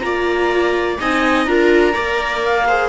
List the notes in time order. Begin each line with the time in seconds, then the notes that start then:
0.00 A#3 F4 D5 A#5
1.00 C4 D#4 D#5 G#5
1.45 D4 F4 A#4 A#5
1.93 A#3 A#4 D5
2.44 F5
2.67 G#4 C5